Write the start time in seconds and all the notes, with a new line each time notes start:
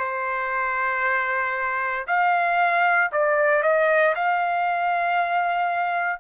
0.00 C5
2.08 F5
3.13 D5
3.63 D#5
4.16 F5